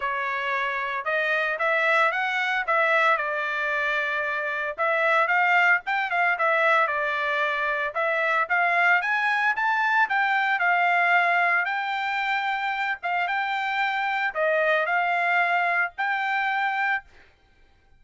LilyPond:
\new Staff \with { instrumentName = "trumpet" } { \time 4/4 \tempo 4 = 113 cis''2 dis''4 e''4 | fis''4 e''4 d''2~ | d''4 e''4 f''4 g''8 f''8 | e''4 d''2 e''4 |
f''4 gis''4 a''4 g''4 | f''2 g''2~ | g''8 f''8 g''2 dis''4 | f''2 g''2 | }